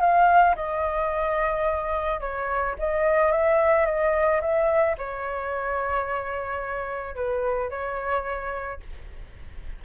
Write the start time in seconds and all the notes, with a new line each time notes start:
0.00 F5
0.55 D#5
2.20 C#5
2.78 D#5
3.31 E5
3.85 D#5
4.41 E5
4.97 C#5
7.15 B4
7.70 C#5